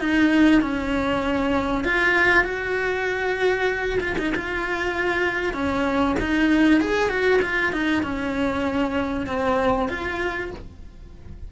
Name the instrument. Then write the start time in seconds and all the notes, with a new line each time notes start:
cello
0.00 D#4
0.62 C#4
1.84 F4
2.45 F#4
4.01 F4
4.18 D#4
4.35 F4
5.54 C#4
6.20 D#4
6.81 G#4
7.09 F#4
7.42 F4
7.73 D#4
8.03 C#4
9.27 C4
9.89 F4